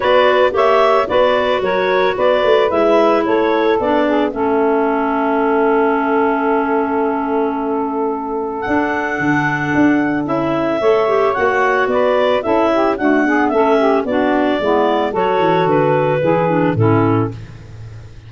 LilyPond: <<
  \new Staff \with { instrumentName = "clarinet" } { \time 4/4 \tempo 4 = 111 d''4 e''4 d''4 cis''4 | d''4 e''4 cis''4 d''4 | e''1~ | e''1 |
fis''2. e''4~ | e''4 fis''4 d''4 e''4 | fis''4 e''4 d''2 | cis''4 b'2 a'4 | }
  \new Staff \with { instrumentName = "saxophone" } { \time 4/4 b'4 cis''4 b'4 ais'4 | b'2 a'4. gis'8 | a'1~ | a'1~ |
a'1 | cis''2 b'4 a'8 g'8 | fis'8 gis'8 a'8 g'8 fis'4 e'4 | a'2 gis'4 e'4 | }
  \new Staff \with { instrumentName = "clarinet" } { \time 4/4 fis'4 g'4 fis'2~ | fis'4 e'2 d'4 | cis'1~ | cis'1 |
d'2. e'4 | a'8 g'8 fis'2 e'4 | a8 b8 cis'4 d'4 b4 | fis'2 e'8 d'8 cis'4 | }
  \new Staff \with { instrumentName = "tuba" } { \time 4/4 b4 ais4 b4 fis4 | b8 a8 gis4 a4 b4 | a1~ | a1 |
d'4 d4 d'4 cis'4 | a4 ais4 b4 cis'4 | d'4 a4 b4 gis4 | fis8 e8 d4 e4 a,4 | }
>>